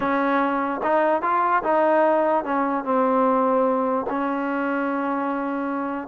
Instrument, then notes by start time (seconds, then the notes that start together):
trombone
0.00 C#4
0.83 D#4
1.22 F4
1.63 D#4
2.44 C#4
2.84 C4
4.09 C#4